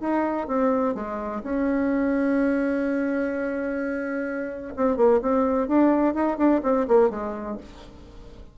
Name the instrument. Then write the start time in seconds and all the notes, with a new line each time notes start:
bassoon
0.00 D#4
0.47 C4
0.94 G#3
1.43 C#4
4.76 C4
4.97 A#3
5.22 C4
5.68 D4
6.14 D#4
6.37 D4
6.63 C4
6.88 A#3
7.10 G#3